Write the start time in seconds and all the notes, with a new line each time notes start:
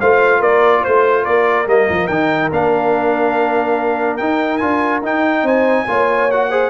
0.00 A3 F4 C5 F5
0.39 A#3 A#4 D5
0.82 A3 C5
1.24 A#3 A#4 D5
1.67 G3 A#3 D#5
1.90 F3
2.07 D#3 D#4 G5
2.52 A#3 D4 F5
4.17 D#4 G5
4.58 D4 F4 G#5
5.02 D#4 G5
5.43 C4 C5 G#5
5.87 A#3 F4 C#5
6.31 F#4 F#5
6.50 G#4 C5